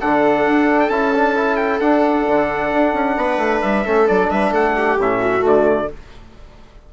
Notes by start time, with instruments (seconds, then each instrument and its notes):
0.00 bassoon D3, trombone D4, viola A4, trumpet F#5
0.46 bassoon D4
0.79 trumpet G5
0.89 bassoon C#4, trombone E4, trumpet A5
1.14 trombone D4
1.35 trombone E4
1.56 trumpet G5
1.80 bassoon D4, trombone D4, trumpet F#5
2.27 bassoon D3
2.73 bassoon D4
2.93 bassoon C#4
3.17 bassoon B3, viola B4
3.37 bassoon A3
3.61 bassoon G3, trumpet E5
3.85 bassoon A3, trombone C#4, viola A4
4.07 bassoon F#3, trombone D4, trumpet D5
4.30 bassoon G3, viola B4, trumpet E5
4.50 bassoon A3, viola A4, trumpet F#5
4.76 viola G4
4.98 bassoon A2, trombone C#4, trumpet E5
5.18 viola F#4
5.39 bassoon D3, trombone A3
5.47 trumpet D5